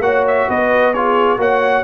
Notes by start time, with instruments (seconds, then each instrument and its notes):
0.00 tuba A#3, trombone F#4, horn C#5, trumpet F#5
0.27 trumpet E5
0.48 tuba B3, horn B4, trumpet D#5
0.94 trombone F4, horn G#4, trumpet C#5
1.37 tuba A#3, trombone F#4, horn C#5, trumpet F#5